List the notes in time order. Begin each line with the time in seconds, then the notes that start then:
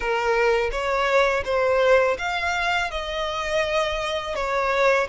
0.00 A#4
0.71 C#5
1.45 C5
2.18 F5
2.90 D#5
4.35 C#5